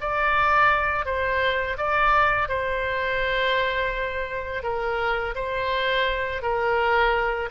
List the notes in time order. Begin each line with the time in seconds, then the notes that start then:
0.00 D5
1.05 C5
1.77 D5
2.48 C5
4.63 A#4
5.35 C5
6.42 A#4